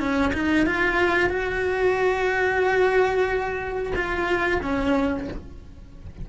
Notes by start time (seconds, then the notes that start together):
0.00 C#4
0.33 D#4
0.66 F4
1.29 F#4
3.96 F4
4.62 C#4